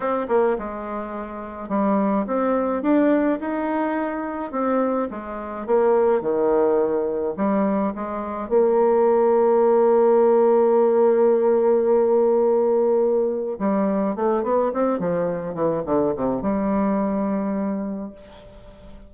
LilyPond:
\new Staff \with { instrumentName = "bassoon" } { \time 4/4 \tempo 4 = 106 c'8 ais8 gis2 g4 | c'4 d'4 dis'2 | c'4 gis4 ais4 dis4~ | dis4 g4 gis4 ais4~ |
ais1~ | ais1 | g4 a8 b8 c'8 f4 e8 | d8 c8 g2. | }